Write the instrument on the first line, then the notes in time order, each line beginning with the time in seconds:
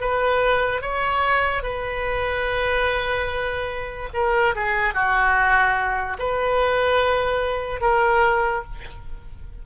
oboe
0.00 B4
0.81 C#5
1.63 B4
4.13 A#4
4.55 G#4
4.94 F#4
6.18 B4
7.80 A#4